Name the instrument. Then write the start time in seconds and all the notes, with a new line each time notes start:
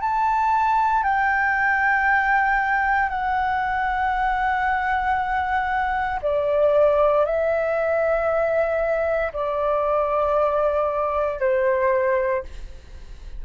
flute
0.00 A5
1.03 G5
3.08 F#5
6.22 D5
7.25 E5
9.32 D5
11.39 C5